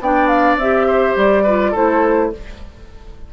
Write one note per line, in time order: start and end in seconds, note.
0.00 0.56 B3
0.00 0.62 D4
0.00 0.87 D5
0.00 0.28 G5
0.28 0.57 F5
0.56 1.14 C4
0.56 1.47 G4
0.56 1.17 E5
0.87 1.43 C5
1.16 1.74 G3
1.16 1.76 D5
1.43 1.75 F4
1.43 1.71 B4
1.71 2.33 A3
1.71 2.32 E4
1.71 2.29 A4
1.71 2.33 C5